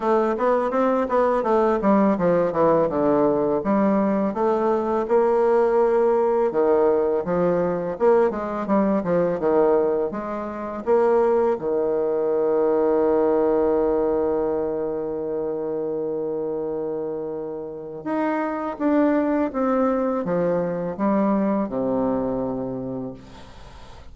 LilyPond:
\new Staff \with { instrumentName = "bassoon" } { \time 4/4 \tempo 4 = 83 a8 b8 c'8 b8 a8 g8 f8 e8 | d4 g4 a4 ais4~ | ais4 dis4 f4 ais8 gis8 | g8 f8 dis4 gis4 ais4 |
dis1~ | dis1~ | dis4 dis'4 d'4 c'4 | f4 g4 c2 | }